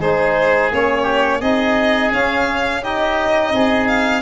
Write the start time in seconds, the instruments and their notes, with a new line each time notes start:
0.00 tuba G#3, trombone D#4, oboe G#4, violin C5
0.72 tuba A#3, trombone C#4, violin C#5
1.03 oboe G4
1.41 tuba C4, trombone D#4, oboe G#4, violin D#5
2.12 tuba C#4, trombone C#4, violin F5
2.83 trombone D#4, oboe G4, violin D#5
3.54 tuba C4, oboe G#4
3.88 violin F5